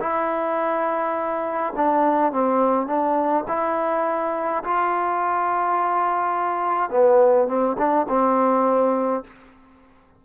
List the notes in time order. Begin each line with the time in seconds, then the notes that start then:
0.00 E4
1.76 D4
2.32 C4
2.86 D4
3.48 E4
4.64 F4
6.90 B3
7.47 C4
7.78 D4
8.08 C4